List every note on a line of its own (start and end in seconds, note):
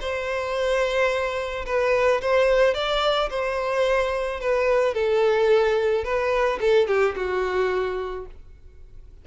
0.00 1.65 C5
1.65 2.20 B4
2.21 2.74 C5
2.74 3.29 D5
3.30 4.40 C5
4.40 4.94 B4
4.94 6.04 A4
6.04 6.59 B4
6.60 6.87 A4
6.87 7.14 G4
7.15 8.25 F#4